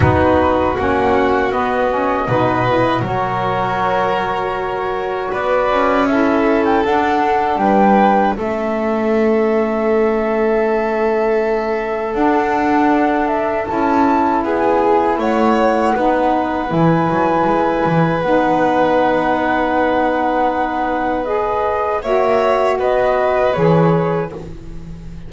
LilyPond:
<<
  \new Staff \with { instrumentName = "flute" } { \time 4/4 \tempo 4 = 79 b'4 fis''4 dis''2 | cis''2. d''4 | e''8. g''16 fis''4 g''4 e''4~ | e''1 |
fis''4. e''8 a''4 gis''4 | fis''2 gis''2 | fis''1 | dis''4 e''4 dis''4 cis''4 | }
  \new Staff \with { instrumentName = "violin" } { \time 4/4 fis'2. b'4 | ais'2. b'4 | a'2 b'4 a'4~ | a'1~ |
a'2. gis'4 | cis''4 b'2.~ | b'1~ | b'4 cis''4 b'2 | }
  \new Staff \with { instrumentName = "saxophone" } { \time 4/4 dis'4 cis'4 b8 cis'8 dis'8 e'8 | fis'1 | e'4 d'2 cis'4~ | cis'1 |
d'2 e'2~ | e'4 dis'4 e'2 | dis'1 | gis'4 fis'2 gis'4 | }
  \new Staff \with { instrumentName = "double bass" } { \time 4/4 b4 ais4 b4 b,4 | fis2. b8 cis'8~ | cis'4 d'4 g4 a4~ | a1 |
d'2 cis'4 b4 | a4 b4 e8 fis8 gis8 e8 | b1~ | b4 ais4 b4 e4 | }
>>